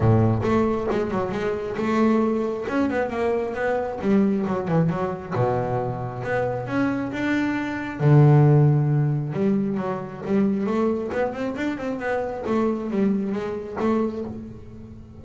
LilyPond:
\new Staff \with { instrumentName = "double bass" } { \time 4/4 \tempo 4 = 135 a,4 a4 gis8 fis8 gis4 | a2 cis'8 b8 ais4 | b4 g4 fis8 e8 fis4 | b,2 b4 cis'4 |
d'2 d2~ | d4 g4 fis4 g4 | a4 b8 c'8 d'8 c'8 b4 | a4 g4 gis4 a4 | }